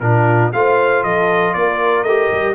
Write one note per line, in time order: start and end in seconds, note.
0.00 0.52 A#2
0.00 0.53 D4
0.00 0.55 F4
0.00 0.51 A#4
0.53 1.04 A3
0.53 2.06 F4
0.53 1.05 C5
0.53 1.04 F5
1.04 1.55 F3
1.04 1.56 A4
1.04 1.54 D#5
1.54 2.03 A#3
1.54 2.55 A#4
1.54 2.04 D5
2.03 2.29 A3
2.03 2.55 G4
2.03 2.54 D#5
2.32 2.55 G3